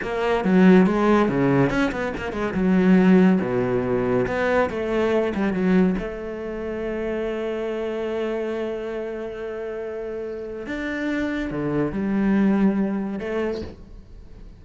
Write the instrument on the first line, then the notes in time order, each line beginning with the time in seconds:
cello
0.02 A#3
0.44 F#3
0.86 G#3
1.28 C#3
1.70 C#4
1.91 B3
2.17 A#3
2.32 G#3
2.54 F#3
3.41 B2
4.27 B3
4.69 A3
5.35 G3
5.53 F#3
5.98 A3
10.66 D4
11.50 D3
11.92 G3
13.19 A3